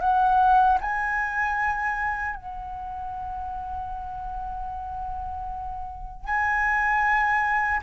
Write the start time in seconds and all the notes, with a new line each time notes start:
0.00 F#5
0.80 G#5
2.36 F#5
6.25 G#5